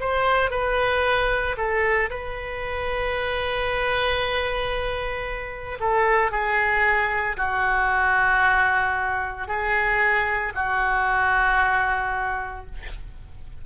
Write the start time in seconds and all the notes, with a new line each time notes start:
0.00 C5
0.51 B4
1.57 A4
2.11 B4
5.80 A4
6.32 G#4
7.37 F#4
9.48 G#4
10.55 F#4